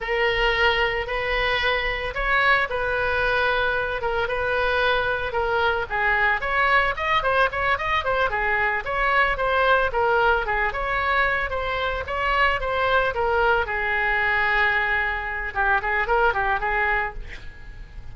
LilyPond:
\new Staff \with { instrumentName = "oboe" } { \time 4/4 \tempo 4 = 112 ais'2 b'2 | cis''4 b'2~ b'8 ais'8 | b'2 ais'4 gis'4 | cis''4 dis''8 c''8 cis''8 dis''8 c''8 gis'8~ |
gis'8 cis''4 c''4 ais'4 gis'8 | cis''4. c''4 cis''4 c''8~ | c''8 ais'4 gis'2~ gis'8~ | gis'4 g'8 gis'8 ais'8 g'8 gis'4 | }